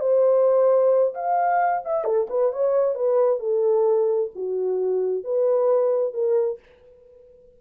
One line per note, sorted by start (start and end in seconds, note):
0.00 1.14 C5
1.14 1.82 F5
1.85 2.04 E5
2.04 2.27 A4
2.30 2.52 B4
2.52 2.95 C#5
2.95 3.39 B4
3.39 4.30 A4
4.35 5.24 F#4
5.24 6.13 B4
6.13 6.59 A#4